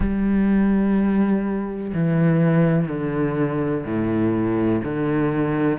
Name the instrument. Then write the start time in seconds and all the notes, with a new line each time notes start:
cello
0.00 G3
1.94 E3
2.88 D3
3.85 A2
4.83 D3